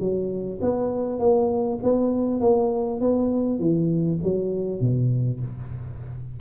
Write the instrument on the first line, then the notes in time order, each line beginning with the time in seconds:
tuba
0.00 F#3
0.62 B3
1.20 A#3
1.83 B3
2.41 A#3
3.01 B3
3.60 E3
4.24 F#3
4.81 B2